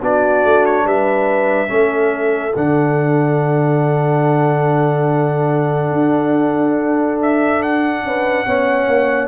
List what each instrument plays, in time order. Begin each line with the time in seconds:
0.00 tuba B3, trombone D4, horn F#4, trumpet D5
0.44 tuba A3
0.66 trumpet C#5
0.85 tuba G3, horn B4, trumpet E5
1.67 tuba A3, trombone C#4, horn A4
2.55 tuba D3, trombone D4, trumpet F#5
5.92 tuba D4
7.22 trumpet E5
7.62 trumpet F#5
8.03 tuba C#4, horn B4
8.45 tuba B3, trombone C#4, horn C#5
8.87 tuba A#3